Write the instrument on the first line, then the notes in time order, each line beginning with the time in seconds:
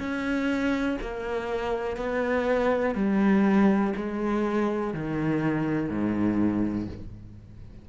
cello
0.00 C#4
1.02 A#3
1.97 B3
2.96 G3
3.97 G#3
4.94 D#3
5.90 G#2